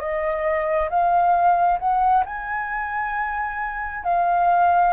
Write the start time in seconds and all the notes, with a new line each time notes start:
0.00 D#5
0.90 F5
1.80 F#5
2.26 G#5
4.05 F5